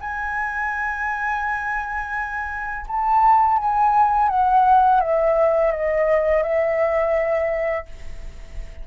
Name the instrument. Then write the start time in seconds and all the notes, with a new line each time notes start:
flute
0.00 G#5
2.87 A5
3.58 G#5
4.29 F#5
5.00 E5
5.71 D#5
6.43 E5